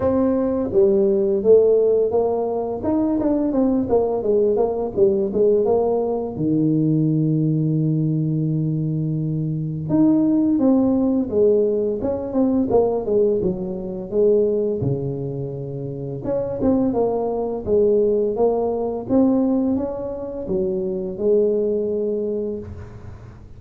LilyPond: \new Staff \with { instrumentName = "tuba" } { \time 4/4 \tempo 4 = 85 c'4 g4 a4 ais4 | dis'8 d'8 c'8 ais8 gis8 ais8 g8 gis8 | ais4 dis2.~ | dis2 dis'4 c'4 |
gis4 cis'8 c'8 ais8 gis8 fis4 | gis4 cis2 cis'8 c'8 | ais4 gis4 ais4 c'4 | cis'4 fis4 gis2 | }